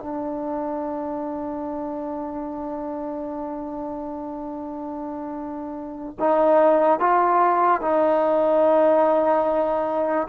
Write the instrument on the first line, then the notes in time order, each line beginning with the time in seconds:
trombone
0.00 D4
6.20 D#4
7.00 F4
7.82 D#4